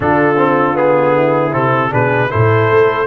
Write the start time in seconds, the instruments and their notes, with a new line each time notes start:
0.00 tuba D3, trombone D4, horn F4, trumpet A4
0.35 trombone C4
0.74 trombone B3, trumpet G#4
1.14 horn E4
1.52 tuba C3, trombone C4, trumpet A4
1.89 tuba B2, trombone D4, horn G#4, trumpet B4
2.29 tuba A2, trombone E4, horn A4, trumpet C5
2.70 tuba A3